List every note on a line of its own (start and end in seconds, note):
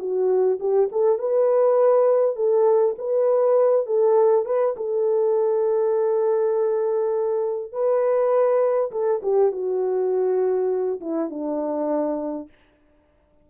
0.00 0.59 F#4
0.60 0.90 G4
0.92 1.19 A4
1.19 2.36 B4
2.36 2.96 A4
2.98 3.87 B4
3.87 4.46 A4
4.46 4.76 B4
4.77 7.73 A4
7.73 8.92 B4
8.92 9.22 A4
9.23 9.52 G4
9.52 11.01 F#4
11.01 11.30 E4
11.30 12.49 D4